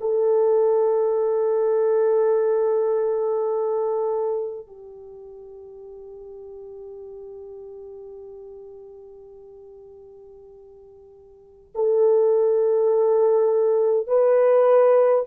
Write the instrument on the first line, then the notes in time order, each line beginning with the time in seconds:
horn
0.00 A4
4.66 G4
11.74 A4
14.06 B4